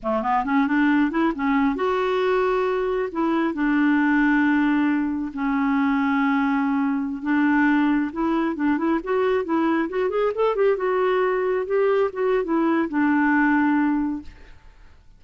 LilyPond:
\new Staff \with { instrumentName = "clarinet" } { \time 4/4 \tempo 4 = 135 a8 b8 cis'8 d'4 e'8 cis'4 | fis'2. e'4 | d'1 | cis'1~ |
cis'16 d'2 e'4 d'8 e'16~ | e'16 fis'4 e'4 fis'8 gis'8 a'8 g'16~ | g'16 fis'2 g'4 fis'8. | e'4 d'2. | }